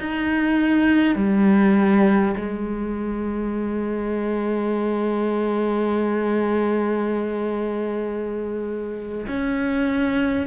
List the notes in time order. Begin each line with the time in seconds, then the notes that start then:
0.00 D#4
1.16 G3
2.37 G#3
9.28 C#4